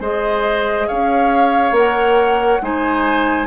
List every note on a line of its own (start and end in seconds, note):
0.00 0.87 G#3
0.00 1.73 G#4
0.00 0.88 C5
0.00 0.88 D#5
0.88 1.71 C#4
0.88 2.62 C#5
0.88 1.75 F5
1.71 2.58 A#3
1.71 2.60 A#4
1.71 2.64 F#5
2.62 3.47 G#3
2.62 3.47 D#4
2.62 3.47 C5
2.62 3.47 G#5